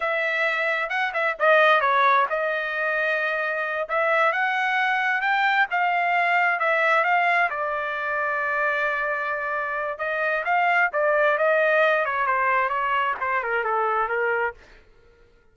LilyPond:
\new Staff \with { instrumentName = "trumpet" } { \time 4/4 \tempo 4 = 132 e''2 fis''8 e''8 dis''4 | cis''4 dis''2.~ | dis''8 e''4 fis''2 g''8~ | g''8 f''2 e''4 f''8~ |
f''8 d''2.~ d''8~ | d''2 dis''4 f''4 | d''4 dis''4. cis''8 c''4 | cis''4 c''8 ais'8 a'4 ais'4 | }